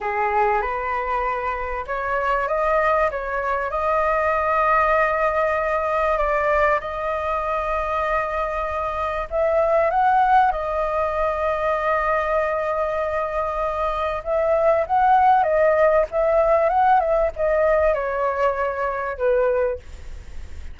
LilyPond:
\new Staff \with { instrumentName = "flute" } { \time 4/4 \tempo 4 = 97 gis'4 b'2 cis''4 | dis''4 cis''4 dis''2~ | dis''2 d''4 dis''4~ | dis''2. e''4 |
fis''4 dis''2.~ | dis''2. e''4 | fis''4 dis''4 e''4 fis''8 e''8 | dis''4 cis''2 b'4 | }